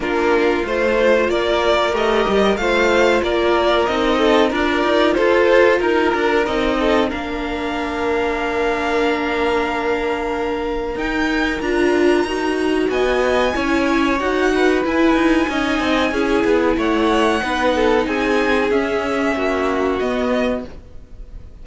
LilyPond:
<<
  \new Staff \with { instrumentName = "violin" } { \time 4/4 \tempo 4 = 93 ais'4 c''4 d''4 dis''4 | f''4 d''4 dis''4 d''4 | c''4 ais'4 dis''4 f''4~ | f''1~ |
f''4 g''4 ais''2 | gis''2 fis''4 gis''4~ | gis''2 fis''2 | gis''4 e''2 dis''4 | }
  \new Staff \with { instrumentName = "violin" } { \time 4/4 f'2 ais'2 | c''4 ais'4. a'8 ais'4 | a'4 ais'4. a'8 ais'4~ | ais'1~ |
ais'1 | dis''4 cis''4. b'4. | dis''4 gis'4 cis''4 b'8 a'8 | gis'2 fis'2 | }
  \new Staff \with { instrumentName = "viola" } { \time 4/4 d'4 f'2 g'4 | f'2 dis'4 f'4~ | f'2 dis'4 d'4~ | d'1~ |
d'4 dis'4 f'4 fis'4~ | fis'4 e'4 fis'4 e'4 | dis'4 e'2 dis'4~ | dis'4 cis'2 b4 | }
  \new Staff \with { instrumentName = "cello" } { \time 4/4 ais4 a4 ais4 a8 g8 | a4 ais4 c'4 d'8 dis'8 | f'4 dis'8 d'8 c'4 ais4~ | ais1~ |
ais4 dis'4 d'4 dis'4 | b4 cis'4 dis'4 e'8 dis'8 | cis'8 c'8 cis'8 b8 a4 b4 | c'4 cis'4 ais4 b4 | }
>>